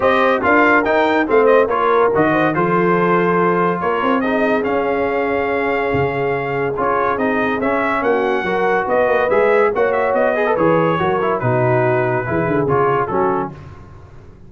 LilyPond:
<<
  \new Staff \with { instrumentName = "trumpet" } { \time 4/4 \tempo 4 = 142 dis''4 f''4 g''4 f''8 dis''8 | cis''4 dis''4 c''2~ | c''4 cis''4 dis''4 f''4~ | f''1 |
cis''4 dis''4 e''4 fis''4~ | fis''4 dis''4 e''4 fis''8 e''8 | dis''4 cis''2 b'4~ | b'2 cis''4 a'4 | }
  \new Staff \with { instrumentName = "horn" } { \time 4/4 c''4 ais'2 c''4 | ais'4. c''8 a'2~ | a'4 ais'4 gis'2~ | gis'1~ |
gis'2. fis'4 | ais'4 b'2 cis''4~ | cis''8 b'4. ais'4 fis'4~ | fis'4 gis'2 fis'4 | }
  \new Staff \with { instrumentName = "trombone" } { \time 4/4 g'4 f'4 dis'4 c'4 | f'4 fis'4 f'2~ | f'2 dis'4 cis'4~ | cis'1 |
f'4 dis'4 cis'2 | fis'2 gis'4 fis'4~ | fis'8 gis'16 a'16 gis'4 fis'8 e'8 dis'4~ | dis'4 e'4 f'4 cis'4 | }
  \new Staff \with { instrumentName = "tuba" } { \time 4/4 c'4 d'4 dis'4 a4 | ais4 dis4 f2~ | f4 ais8 c'4. cis'4~ | cis'2 cis2 |
cis'4 c'4 cis'4 ais4 | fis4 b8 ais8 gis4 ais4 | b4 e4 fis4 b,4~ | b,4 e8 d8 cis4 fis4 | }
>>